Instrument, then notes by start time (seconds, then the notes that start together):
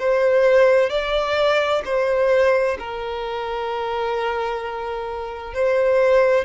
violin
0.00 C5
0.90 D5
1.85 C5
2.79 A#4
5.54 C5